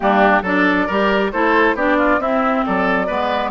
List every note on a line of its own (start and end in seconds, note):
0.00 0.42 G3
0.00 0.41 A#3
0.00 0.42 D4
0.00 0.43 G4
0.42 0.86 F#3
0.42 0.89 D4
0.42 0.86 A4
0.42 1.32 D5
0.87 1.32 G3
0.87 1.33 G4
0.87 1.31 A#4
1.32 1.74 A3
1.32 1.76 E4
1.32 1.75 A4
1.32 1.76 C5
1.74 2.18 B3
1.74 2.21 D4
1.74 1.97 G4
1.74 2.20 D5
1.97 2.19 F4
2.18 2.62 C4
2.18 3.08 C4
2.18 2.65 E4
2.18 2.65 E5
2.66 3.09 F#3
2.66 3.06 A4
2.66 3.50 D5
3.06 3.50 G#3
3.06 3.50 B3
3.06 3.50 B4